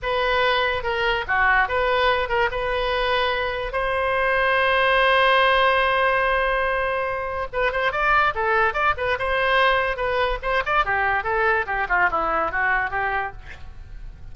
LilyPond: \new Staff \with { instrumentName = "oboe" } { \time 4/4 \tempo 4 = 144 b'2 ais'4 fis'4 | b'4. ais'8 b'2~ | b'4 c''2.~ | c''1~ |
c''2 b'8 c''8 d''4 | a'4 d''8 b'8 c''2 | b'4 c''8 d''8 g'4 a'4 | g'8 f'8 e'4 fis'4 g'4 | }